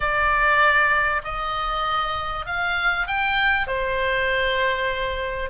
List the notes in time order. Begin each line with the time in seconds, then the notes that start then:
0.00 D5
1.24 D#5
2.45 F5
3.07 G5
3.67 C5